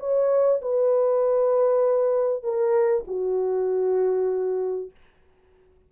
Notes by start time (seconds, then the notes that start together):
0.00 C#5
0.62 B4
2.44 A#4
3.08 F#4